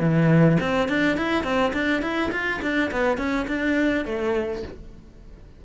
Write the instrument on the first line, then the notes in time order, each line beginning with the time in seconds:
cello
0.00 E3
0.60 C4
0.89 D4
1.17 E4
1.44 C4
1.73 D4
2.02 E4
2.32 F4
2.62 D4
2.91 B3
3.18 C#4
3.47 D4
4.05 A3